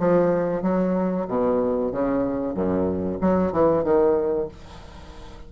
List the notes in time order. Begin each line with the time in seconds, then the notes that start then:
0.00 F3
0.63 F#3
1.28 B2
1.92 C#3
2.55 F#2
3.22 F#3
3.53 E3
3.84 D#3